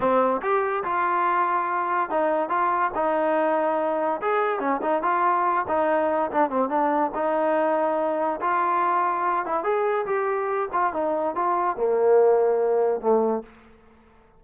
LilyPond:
\new Staff \with { instrumentName = "trombone" } { \time 4/4 \tempo 4 = 143 c'4 g'4 f'2~ | f'4 dis'4 f'4 dis'4~ | dis'2 gis'4 cis'8 dis'8 | f'4. dis'4. d'8 c'8 |
d'4 dis'2. | f'2~ f'8 e'8 gis'4 | g'4. f'8 dis'4 f'4 | ais2. a4 | }